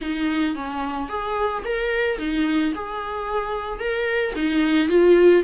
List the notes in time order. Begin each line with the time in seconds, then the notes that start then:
0.01 D#4
0.55 C#4
1.08 G#4
1.64 A#4
2.18 D#4
2.74 G#4
3.79 A#4
4.35 D#4
4.88 F4